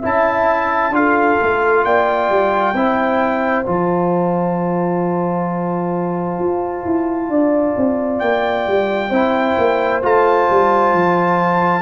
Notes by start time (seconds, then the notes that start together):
0.00 C#4 E4 E5 A5
0.91 D4 F4 A4 F5
1.42 A3
1.85 A#3 D5 G5
2.30 G3
2.74 C4 E4 C5
3.66 F3 F4 A5
6.39 F4
6.85 E4
7.29 D4 D5
7.77 C4
8.20 A#3 G5
8.68 G3
9.10 C4 E4 C5
9.58 A#3
10.03 A3 F4 A5
10.51 G3
10.94 F3